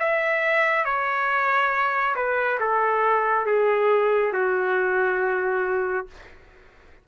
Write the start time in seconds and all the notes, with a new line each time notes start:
0.00 E5
0.85 C#5
2.16 B4
2.60 A4
3.47 G#4
4.33 F#4